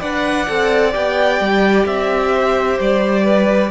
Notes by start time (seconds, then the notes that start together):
0.00 D4 B4 D5 F#5
0.48 C4 A4
0.91 B3 G4 G5
1.40 G3
1.86 C4 E5
2.34 C5
2.79 G3 D5
3.24 B4